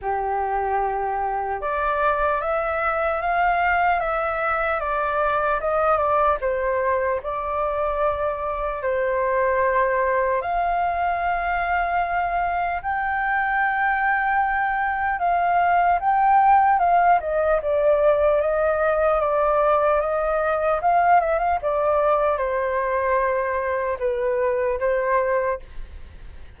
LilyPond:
\new Staff \with { instrumentName = "flute" } { \time 4/4 \tempo 4 = 75 g'2 d''4 e''4 | f''4 e''4 d''4 dis''8 d''8 | c''4 d''2 c''4~ | c''4 f''2. |
g''2. f''4 | g''4 f''8 dis''8 d''4 dis''4 | d''4 dis''4 f''8 e''16 f''16 d''4 | c''2 b'4 c''4 | }